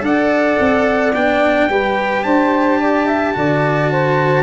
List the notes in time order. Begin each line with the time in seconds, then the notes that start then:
0.00 D4 A4 D5 F#5
0.59 C4
1.14 B3 D4 G5
1.69 G3 G4 B4
2.23 D4 C5 A5
2.79 D5
3.06 E5
3.34 D3 F#4 D5
3.91 C5